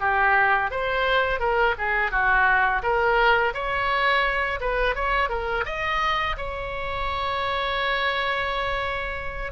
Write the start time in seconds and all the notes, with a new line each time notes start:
0.00 G4
0.71 C5
1.39 A#4
1.78 G#4
2.11 F#4
2.83 A#4
3.54 C#5
4.60 B4
4.95 C#5
5.29 A#4
5.65 D#5
6.37 C#5